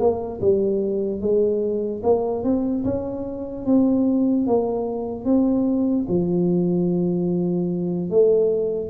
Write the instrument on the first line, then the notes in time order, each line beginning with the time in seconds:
tuba
0.00 A#3
0.41 G3
1.21 G#3
2.03 A#3
2.44 C4
2.85 C#4
3.66 C4
4.47 A#3
5.25 C4
6.09 F3
8.10 A3